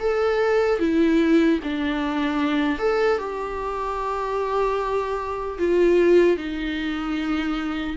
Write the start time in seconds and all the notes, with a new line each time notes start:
0.00 A4
0.80 E4
1.64 D4
2.79 A4
3.19 G4
5.59 F4
6.37 D#4